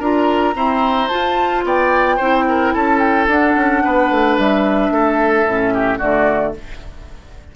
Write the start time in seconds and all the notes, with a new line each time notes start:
0.00 D4 F4 A#4 A#5
0.54 C4 E4 C5
1.09 F4 A5
1.65 B3 D5 G5
2.17 C4 E4 C5
2.49 A#4
2.74 C#4 A4 A5
3.00 G5
3.28 D4 F#5
3.56 C#4
3.84 B3 B4
4.11 A3
4.38 G3 E5
4.91 A3 A4
5.45 A2 C#4
5.74 G4
5.99 D3 A3 F#4 D5